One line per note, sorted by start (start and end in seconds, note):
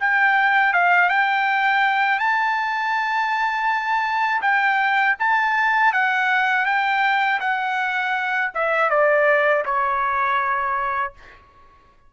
0.00 0.73 G5
0.73 1.09 F5
1.09 2.19 G5
2.19 4.41 A5
4.42 5.16 G5
5.19 5.93 A5
5.93 6.66 F#5
6.66 7.40 G5
7.40 8.51 F#5
8.54 8.90 E5
8.90 9.64 D5
9.65 11.13 C#5